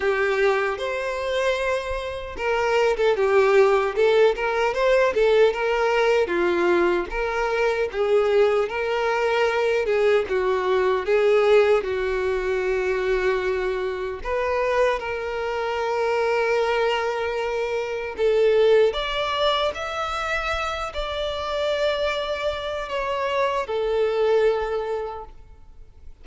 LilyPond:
\new Staff \with { instrumentName = "violin" } { \time 4/4 \tempo 4 = 76 g'4 c''2 ais'8. a'16 | g'4 a'8 ais'8 c''8 a'8 ais'4 | f'4 ais'4 gis'4 ais'4~ | ais'8 gis'8 fis'4 gis'4 fis'4~ |
fis'2 b'4 ais'4~ | ais'2. a'4 | d''4 e''4. d''4.~ | d''4 cis''4 a'2 | }